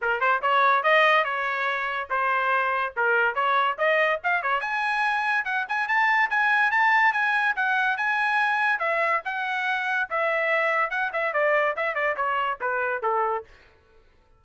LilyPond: \new Staff \with { instrumentName = "trumpet" } { \time 4/4 \tempo 4 = 143 ais'8 c''8 cis''4 dis''4 cis''4~ | cis''4 c''2 ais'4 | cis''4 dis''4 f''8 cis''8 gis''4~ | gis''4 fis''8 gis''8 a''4 gis''4 |
a''4 gis''4 fis''4 gis''4~ | gis''4 e''4 fis''2 | e''2 fis''8 e''8 d''4 | e''8 d''8 cis''4 b'4 a'4 | }